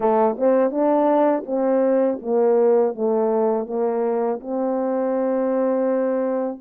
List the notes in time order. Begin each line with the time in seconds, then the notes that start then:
0.00 A3
0.38 C4
0.71 D4
1.46 C4
2.21 A#3
2.94 A3
3.66 A#3
4.40 C4